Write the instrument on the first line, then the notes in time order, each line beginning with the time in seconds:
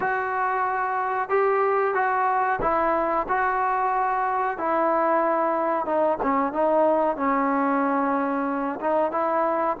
trombone
0.00 F#4
1.29 G4
1.94 F#4
2.61 E4
3.28 F#4
4.58 E4
5.85 D#4
6.22 C#4
6.52 D#4
7.16 C#4
8.80 D#4
9.11 E4